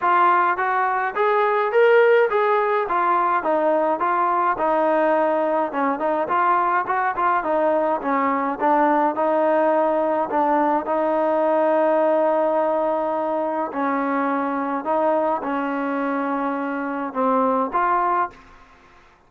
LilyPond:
\new Staff \with { instrumentName = "trombone" } { \time 4/4 \tempo 4 = 105 f'4 fis'4 gis'4 ais'4 | gis'4 f'4 dis'4 f'4 | dis'2 cis'8 dis'8 f'4 | fis'8 f'8 dis'4 cis'4 d'4 |
dis'2 d'4 dis'4~ | dis'1 | cis'2 dis'4 cis'4~ | cis'2 c'4 f'4 | }